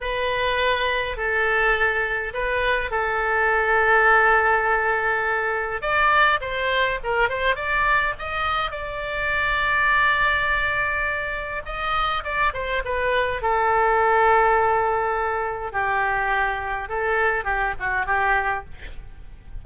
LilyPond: \new Staff \with { instrumentName = "oboe" } { \time 4/4 \tempo 4 = 103 b'2 a'2 | b'4 a'2.~ | a'2 d''4 c''4 | ais'8 c''8 d''4 dis''4 d''4~ |
d''1 | dis''4 d''8 c''8 b'4 a'4~ | a'2. g'4~ | g'4 a'4 g'8 fis'8 g'4 | }